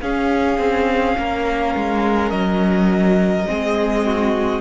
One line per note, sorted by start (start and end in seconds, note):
0.00 0.58 C#4
0.00 3.46 C#4
0.00 1.17 G#4
0.00 2.30 F5
0.58 1.15 C4
1.17 1.75 A#3
1.17 3.48 A#4
1.75 2.31 G#3
2.30 3.46 F#3
2.30 4.61 D#5
3.46 4.61 G#3
3.46 4.61 C4
3.46 4.05 G#4
4.05 4.61 F#4